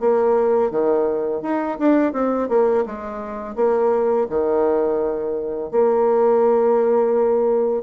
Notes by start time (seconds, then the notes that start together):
0.00 A#3
0.71 D#3
1.42 D#4
1.79 D4
2.13 C4
2.49 A#3
2.86 G#3
3.56 A#3
4.30 D#3
5.71 A#3